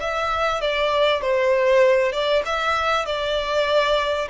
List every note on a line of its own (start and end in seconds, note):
0.00 0.61 E5
0.61 1.21 D5
1.21 2.12 C5
2.12 2.43 D5
2.45 3.06 E5
3.06 4.28 D5